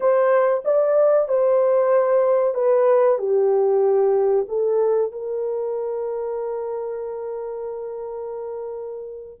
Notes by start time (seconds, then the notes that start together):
0.00 C5
0.64 D5
1.28 C5
2.54 B4
3.18 G4
4.48 A4
5.12 A#4